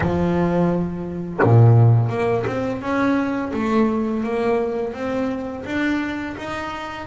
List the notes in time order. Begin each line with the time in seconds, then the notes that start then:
0.00 F3
1.42 A#2
2.09 A#3
2.46 C4
2.81 C#4
3.53 A3
4.23 A#3
4.93 C4
5.65 D4
6.37 D#4